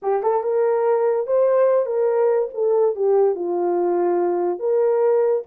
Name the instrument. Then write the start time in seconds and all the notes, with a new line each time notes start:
horn
0.02 G4
0.22 A4
0.43 A#4
1.26 C5
1.86 A#4
2.54 A4
2.95 G4
3.35 F4
4.59 A#4